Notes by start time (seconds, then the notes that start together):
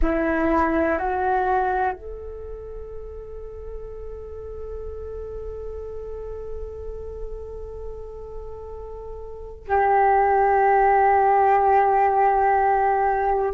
0.02 E4
0.98 F#4
1.93 A4
9.67 G4